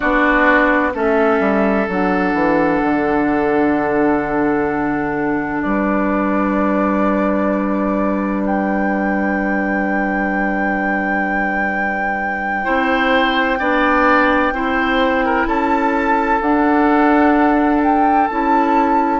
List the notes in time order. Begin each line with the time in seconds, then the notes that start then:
0.00 B3 D4 F#4 D5
0.93 A3 C#4 A4 E5
1.40 G3
1.88 F#3 D4 F#5
2.33 E3
2.82 D3
5.62 G3 B4 D5
8.46 G5
12.64 C4 E4 C5
13.59 B3 D4 D5
14.52 C4 E4 C5
15.25 A#4
15.46 C#4 A4 A5
16.41 D4 F#5
17.82 G5
18.27 C#4 E4 A5